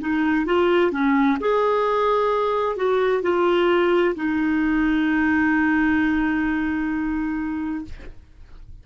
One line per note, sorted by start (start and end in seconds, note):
0.00 0.45 D#4
0.45 0.91 F4
0.91 1.37 C#4
1.40 2.76 G#4
2.76 3.22 F#4
3.22 4.14 F4
4.15 7.84 D#4